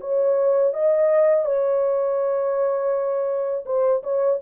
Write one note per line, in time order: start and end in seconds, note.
0.00 0.73 C#5
0.73 1.45 D#5
1.45 3.64 C#5
3.65 4.02 C5
4.02 4.39 C#5